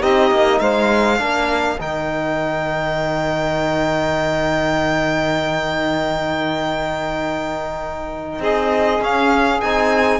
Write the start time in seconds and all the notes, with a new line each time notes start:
0.00 C4 D#4 G4 D#5
0.31 A#3
0.59 G#3 C5 F5
1.19 A#3 D4 A#4
1.80 D#3 D#4 G5
8.40 C4 G#4 D#5
9.00 C#4 F5
9.61 C4 D#4 G#5